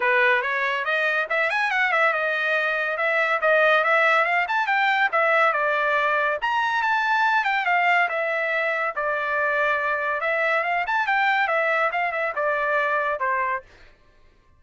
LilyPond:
\new Staff \with { instrumentName = "trumpet" } { \time 4/4 \tempo 4 = 141 b'4 cis''4 dis''4 e''8 gis''8 | fis''8 e''8 dis''2 e''4 | dis''4 e''4 f''8 a''8 g''4 | e''4 d''2 ais''4 |
a''4. g''8 f''4 e''4~ | e''4 d''2. | e''4 f''8 a''8 g''4 e''4 | f''8 e''8 d''2 c''4 | }